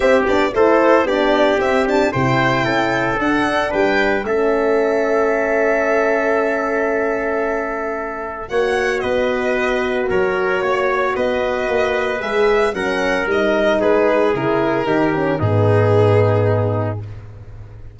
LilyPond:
<<
  \new Staff \with { instrumentName = "violin" } { \time 4/4 \tempo 4 = 113 e''8 d''8 c''4 d''4 e''8 a''8 | g''2 fis''4 g''4 | e''1~ | e''1 |
fis''4 dis''2 cis''4~ | cis''4 dis''2 e''4 | fis''4 dis''4 b'4 ais'4~ | ais'4 gis'2. | }
  \new Staff \with { instrumentName = "trumpet" } { \time 4/4 g'4 a'4 g'2 | c''4 a'2 b'4 | a'1~ | a'1 |
cis''4 b'2 ais'4 | cis''4 b'2. | ais'2 gis'2 | g'4 dis'2. | }
  \new Staff \with { instrumentName = "horn" } { \time 4/4 c'8 d'8 e'4 d'4 c'8 d'8 | e'2 d'2 | cis'1~ | cis'1 |
fis'1~ | fis'2. gis'4 | cis'4 dis'2 e'4 | dis'8 cis'8 b2. | }
  \new Staff \with { instrumentName = "tuba" } { \time 4/4 c'8 b8 a4 b4 c'4 | c4 cis'4 d'4 g4 | a1~ | a1 |
ais4 b2 fis4 | ais4 b4 ais4 gis4 | fis4 g4 gis4 cis4 | dis4 gis,2. | }
>>